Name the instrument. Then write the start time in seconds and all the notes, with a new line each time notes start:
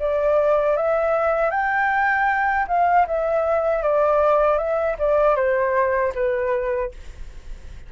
flute
0.00 D5
0.77 E5
1.51 G5
2.68 F5
3.07 E5
3.83 D5
4.58 E5
4.99 D5
5.36 C5
6.15 B4